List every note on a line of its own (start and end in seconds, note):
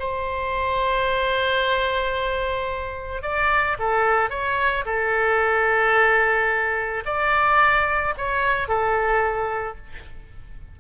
0.00 3.23 C5
3.23 3.77 D5
3.80 4.30 A4
4.30 4.85 C#5
4.86 7.04 A4
7.06 8.15 D5
8.18 8.69 C#5
8.69 9.78 A4